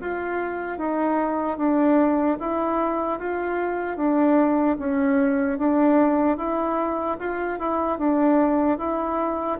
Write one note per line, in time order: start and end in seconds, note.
0.00 0.78 F4
0.78 1.57 D#4
1.57 2.37 D4
2.40 3.19 E4
3.19 3.96 F4
3.96 4.76 D4
4.79 5.58 C#4
5.58 6.37 D4
6.37 7.17 E4
7.19 7.59 F4
7.59 7.98 E4
7.98 8.78 D4
8.78 9.58 E4